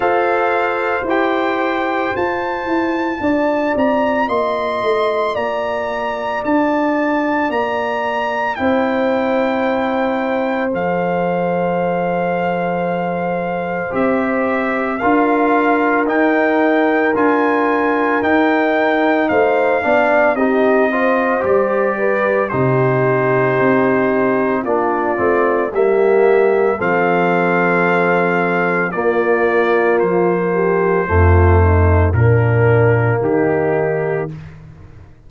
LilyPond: <<
  \new Staff \with { instrumentName = "trumpet" } { \time 4/4 \tempo 4 = 56 f''4 g''4 a''4. ais''8 | c'''4 ais''4 a''4 ais''4 | g''2 f''2~ | f''4 e''4 f''4 g''4 |
gis''4 g''4 f''4 dis''4 | d''4 c''2 d''4 | e''4 f''2 d''4 | c''2 ais'4 g'4 | }
  \new Staff \with { instrumentName = "horn" } { \time 4/4 c''2. d''4 | dis''4 d''2. | c''1~ | c''2 ais'2~ |
ais'2 c''8 d''8 g'8 c''8~ | c''8 b'8 g'2 f'4 | g'4 a'2 f'4~ | f'8 g'8 f'8 dis'8 d'4 dis'4 | }
  \new Staff \with { instrumentName = "trombone" } { \time 4/4 a'4 g'4 f'2~ | f'1 | e'2 a'2~ | a'4 g'4 f'4 dis'4 |
f'4 dis'4. d'8 dis'8 f'8 | g'4 dis'2 d'8 c'8 | ais4 c'2 ais4~ | ais4 a4 ais2 | }
  \new Staff \with { instrumentName = "tuba" } { \time 4/4 f'4 e'4 f'8 e'8 d'8 c'8 | ais8 a8 ais4 d'4 ais4 | c'2 f2~ | f4 c'4 d'4 dis'4 |
d'4 dis'4 a8 b8 c'4 | g4 c4 c'4 ais8 a8 | g4 f2 ais4 | f4 f,4 ais,4 dis4 | }
>>